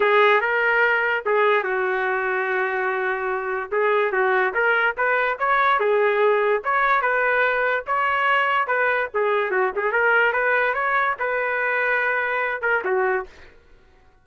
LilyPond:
\new Staff \with { instrumentName = "trumpet" } { \time 4/4 \tempo 4 = 145 gis'4 ais'2 gis'4 | fis'1~ | fis'4 gis'4 fis'4 ais'4 | b'4 cis''4 gis'2 |
cis''4 b'2 cis''4~ | cis''4 b'4 gis'4 fis'8 gis'8 | ais'4 b'4 cis''4 b'4~ | b'2~ b'8 ais'8 fis'4 | }